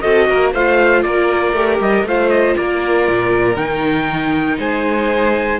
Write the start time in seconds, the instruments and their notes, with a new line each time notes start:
0.00 cello C4, viola F#4, violin A4, trumpet D#5
0.29 cello A#3, violin A#4
0.53 cello A3, viola F4, violin C5, trumpet F5
1.02 cello A#3, violin A#4, trumpet D5
1.53 cello A3, viola G4
1.79 cello G3, trumpet D#5
2.03 cello A3, viola F4, violin C5, trumpet F5
2.29 trumpet D#5
2.56 cello A#3, violin A#4, trumpet D5
3.08 cello A#2
3.56 cello D#3, viola D#4, trumpet G5
4.58 cello G#3, violin C5, trumpet G#5